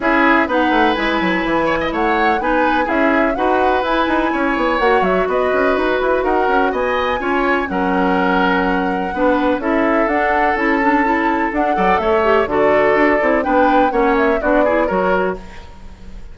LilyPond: <<
  \new Staff \with { instrumentName = "flute" } { \time 4/4 \tempo 4 = 125 e''4 fis''4 gis''2 | fis''4 gis''4 e''4 fis''4 | gis''2 fis''8 e''8 dis''4 | b'4 fis''4 gis''2 |
fis''1 | e''4 fis''4 a''2 | fis''4 e''4 d''2 | g''4 fis''8 e''8 d''4 cis''4 | }
  \new Staff \with { instrumentName = "oboe" } { \time 4/4 gis'4 b'2~ b'8 cis''16 dis''16 | cis''4 b'4 gis'4 b'4~ | b'4 cis''2 b'4~ | b'4 ais'4 dis''4 cis''4 |
ais'2. b'4 | a'1~ | a'8 d''8 cis''4 a'2 | b'4 cis''4 fis'8 gis'8 ais'4 | }
  \new Staff \with { instrumentName = "clarinet" } { \time 4/4 e'4 dis'4 e'2~ | e'4 dis'4 e'4 fis'4 | e'2 fis'2~ | fis'2. f'4 |
cis'2. d'4 | e'4 d'4 e'8 d'8 e'4 | d'8 a'4 g'8 fis'4. e'8 | d'4 cis'4 d'8 e'8 fis'4 | }
  \new Staff \with { instrumentName = "bassoon" } { \time 4/4 cis'4 b8 a8 gis8 fis8 e4 | a4 b4 cis'4 dis'4 | e'8 dis'8 cis'8 b8 ais8 fis8 b8 cis'8 | dis'8 e'8 dis'8 cis'8 b4 cis'4 |
fis2. b4 | cis'4 d'4 cis'2 | d'8 fis8 a4 d4 d'8 c'8 | b4 ais4 b4 fis4 | }
>>